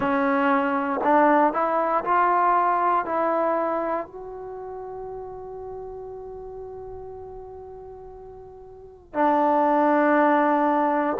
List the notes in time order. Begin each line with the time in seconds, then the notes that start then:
0.00 C#4
1.04 D4
1.53 E4
2.04 F4
3.05 E4
4.06 F#4
9.13 D4